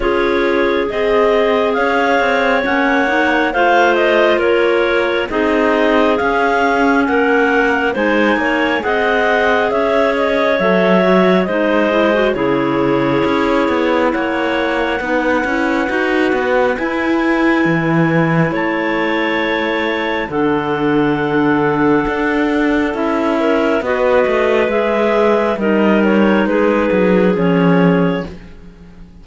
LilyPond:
<<
  \new Staff \with { instrumentName = "clarinet" } { \time 4/4 \tempo 4 = 68 cis''4 dis''4 f''4 fis''4 | f''8 dis''8 cis''4 dis''4 f''4 | fis''4 gis''4 fis''4 e''8 dis''8 | e''4 dis''4 cis''2 |
fis''2. gis''4~ | gis''4 a''2 fis''4~ | fis''2 e''4 dis''4 | e''4 dis''8 cis''8 b'4 cis''4 | }
  \new Staff \with { instrumentName = "clarinet" } { \time 4/4 gis'2 cis''2 | c''4 ais'4 gis'2 | ais'4 c''8 cis''8 dis''4 cis''4~ | cis''4 c''4 gis'2 |
cis''4 b'2.~ | b'4 cis''2 a'4~ | a'2~ a'8 ais'8 b'4~ | b'4 ais'4 gis'2 | }
  \new Staff \with { instrumentName = "clarinet" } { \time 4/4 f'4 gis'2 cis'8 dis'8 | f'2 dis'4 cis'4~ | cis'4 dis'4 gis'2 | a'8 fis'8 dis'8 e'16 fis'16 e'2~ |
e'4 dis'8 e'8 fis'4 e'4~ | e'2. d'4~ | d'2 e'4 fis'4 | gis'4 dis'2 cis'4 | }
  \new Staff \with { instrumentName = "cello" } { \time 4/4 cis'4 c'4 cis'8 c'8 ais4 | a4 ais4 c'4 cis'4 | ais4 gis8 ais8 c'4 cis'4 | fis4 gis4 cis4 cis'8 b8 |
ais4 b8 cis'8 dis'8 b8 e'4 | e4 a2 d4~ | d4 d'4 cis'4 b8 a8 | gis4 g4 gis8 fis8 f4 | }
>>